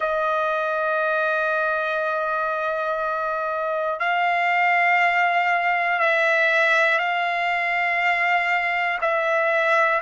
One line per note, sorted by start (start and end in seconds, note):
0.00 4.00 D#5
4.00 5.99 F5
5.99 6.99 E5
6.99 8.99 F5
9.00 10.00 E5